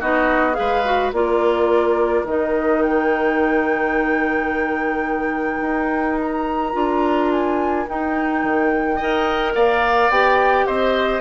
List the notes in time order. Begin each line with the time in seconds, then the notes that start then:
0.00 B3 D#4 F#4 D#5
0.53 G#4 B4 F5
0.59 G#3
0.84 F#4
1.12 A#3 F4 A#4 D5
2.23 D#3 D#4 D#5
2.82 G5
5.61 D#4
6.21 A#5
6.73 D4 F4
7.31 G#5
7.88 D#4 G5
8.43 D#3
8.96 D#4 A#4 D#5
9.54 A#3 D5 F5
10.09 B3 G4 G5
10.66 C4 C5 D#5